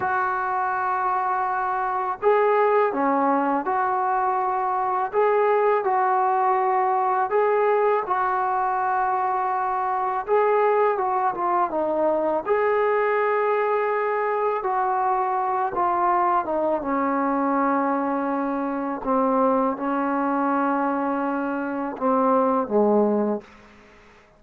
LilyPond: \new Staff \with { instrumentName = "trombone" } { \time 4/4 \tempo 4 = 82 fis'2. gis'4 | cis'4 fis'2 gis'4 | fis'2 gis'4 fis'4~ | fis'2 gis'4 fis'8 f'8 |
dis'4 gis'2. | fis'4. f'4 dis'8 cis'4~ | cis'2 c'4 cis'4~ | cis'2 c'4 gis4 | }